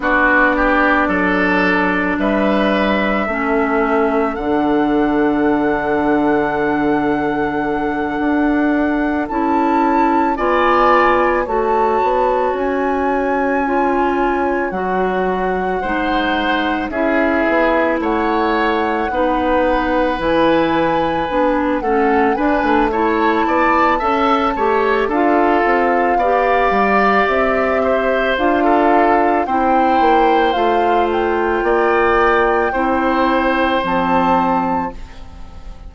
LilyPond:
<<
  \new Staff \with { instrumentName = "flute" } { \time 4/4 \tempo 4 = 55 d''2 e''2 | fis''1~ | fis''8 a''4 gis''4 a''4 gis''8~ | gis''4. fis''2 e''8~ |
e''8 fis''2 gis''4. | fis''8 gis''8 a''2 f''4~ | f''4 e''4 f''4 g''4 | f''8 g''2~ g''8 a''4 | }
  \new Staff \with { instrumentName = "oboe" } { \time 4/4 fis'8 g'8 a'4 b'4 a'4~ | a'1~ | a'4. d''4 cis''4.~ | cis''2~ cis''8 c''4 gis'8~ |
gis'8 cis''4 b'2~ b'8 | a'8 b'8 cis''8 d''8 e''8 cis''8 a'4 | d''4. c''8. a'8. c''4~ | c''4 d''4 c''2 | }
  \new Staff \with { instrumentName = "clarinet" } { \time 4/4 d'2. cis'4 | d'1~ | d'8 e'4 f'4 fis'4.~ | fis'8 f'4 fis'4 dis'4 e'8~ |
e'4. dis'4 e'4 d'8 | cis'8 d'8 e'4 a'8 g'8 f'4 | g'2 f'4 e'4 | f'2 e'4 c'4 | }
  \new Staff \with { instrumentName = "bassoon" } { \time 4/4 b4 fis4 g4 a4 | d2.~ d8 d'8~ | d'8 cis'4 b4 a8 b8 cis'8~ | cis'4. fis4 gis4 cis'8 |
b8 a4 b4 e4 b8 | a8 d'16 a8. b8 cis'8 a8 d'8 c'8 | b8 g8 c'4 d'4 c'8 ais8 | a4 ais4 c'4 f4 | }
>>